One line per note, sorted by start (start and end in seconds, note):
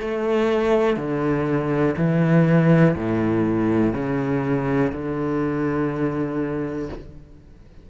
0.00 0.96 A3
0.96 1.94 D3
1.97 2.95 E3
2.95 3.93 A2
3.93 4.91 C#3
4.92 6.89 D3